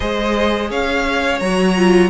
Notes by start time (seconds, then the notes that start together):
0.00 G#3 G#4 C5 D#5
0.70 C#4 C#5 F5
1.39 F#3 F#4 A#5
1.77 F4